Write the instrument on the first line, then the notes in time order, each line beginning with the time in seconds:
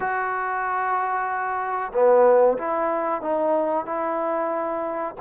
trombone
0.00 F#4
1.93 B3
2.57 E4
3.21 D#4
3.85 E4